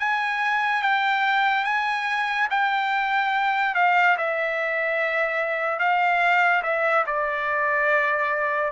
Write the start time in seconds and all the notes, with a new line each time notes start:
0.00 G#5
0.83 G5
1.65 G#5
2.51 G5
3.75 F5
4.18 E5
5.79 F5
6.63 E5
7.06 D5